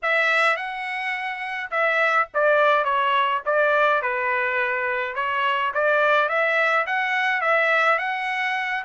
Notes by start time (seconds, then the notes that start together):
0.02 E5
0.56 F#5
1.70 E5
2.34 D5
2.84 C#5
3.45 D5
4.02 B4
5.15 C#5
5.74 D5
6.28 E5
6.86 F#5
7.41 E5
7.98 F#5